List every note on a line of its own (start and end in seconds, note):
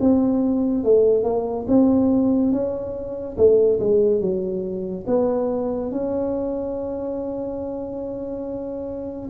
0.00 0.83 C4
0.83 1.23 A3
1.23 1.66 A#3
1.67 2.52 C4
2.52 3.36 C#4
3.37 3.80 A3
3.80 4.20 G#3
4.20 5.05 F#3
5.07 5.91 B3
5.91 9.29 C#4